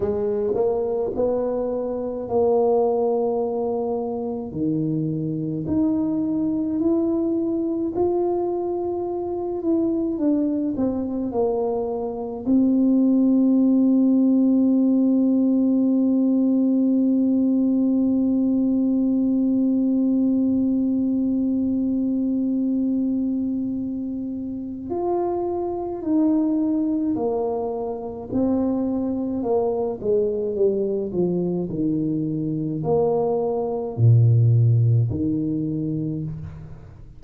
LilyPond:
\new Staff \with { instrumentName = "tuba" } { \time 4/4 \tempo 4 = 53 gis8 ais8 b4 ais2 | dis4 dis'4 e'4 f'4~ | f'8 e'8 d'8 c'8 ais4 c'4~ | c'1~ |
c'1~ | c'2 f'4 dis'4 | ais4 c'4 ais8 gis8 g8 f8 | dis4 ais4 ais,4 dis4 | }